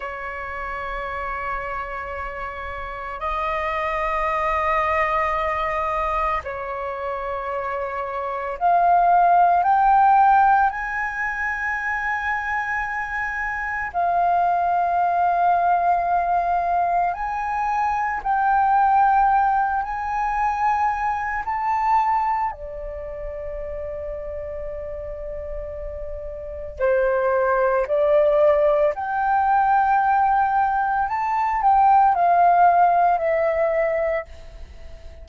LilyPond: \new Staff \with { instrumentName = "flute" } { \time 4/4 \tempo 4 = 56 cis''2. dis''4~ | dis''2 cis''2 | f''4 g''4 gis''2~ | gis''4 f''2. |
gis''4 g''4. gis''4. | a''4 d''2.~ | d''4 c''4 d''4 g''4~ | g''4 a''8 g''8 f''4 e''4 | }